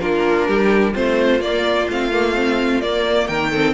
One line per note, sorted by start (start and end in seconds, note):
0.00 0.48 A#3
0.00 0.93 D4
0.00 0.48 F4
0.00 0.94 A#4
0.48 0.95 G3
0.48 0.93 G4
0.93 1.40 A3
0.93 1.40 C4
0.93 3.27 F4
0.93 1.41 C5
1.40 1.87 A#3
1.40 1.88 D5
1.89 2.82 A3
1.89 2.12 C4
1.89 2.81 F5
2.12 2.34 A#3
2.34 2.81 C4
2.81 3.29 A#3
2.81 3.53 A#3
2.81 3.27 D5
3.27 3.74 D#3
3.27 3.51 A#4
3.27 3.74 G5
3.51 3.74 C4
3.51 3.74 A4